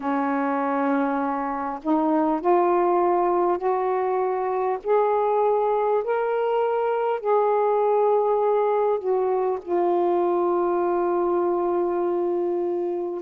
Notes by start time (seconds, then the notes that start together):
0.00 C#4
1.82 D#4
2.41 F4
3.58 F#4
4.83 G#4
6.03 A#4
7.19 G#4
8.98 F#4
9.62 F4